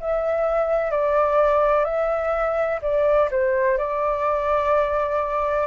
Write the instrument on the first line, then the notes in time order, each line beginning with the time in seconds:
flute
0.00 E5
0.91 D5
1.85 E5
2.82 D5
3.31 C5
3.78 D5